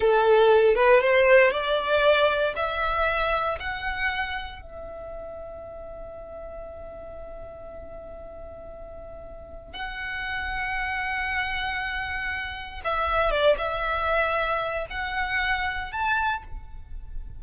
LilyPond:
\new Staff \with { instrumentName = "violin" } { \time 4/4 \tempo 4 = 117 a'4. b'8 c''4 d''4~ | d''4 e''2 fis''4~ | fis''4 e''2.~ | e''1~ |
e''2. fis''4~ | fis''1~ | fis''4 e''4 d''8 e''4.~ | e''4 fis''2 a''4 | }